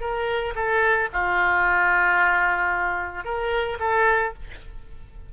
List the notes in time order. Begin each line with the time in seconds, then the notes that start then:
0.00 A#4
0.55 A4
1.12 F4
3.24 A#4
3.79 A4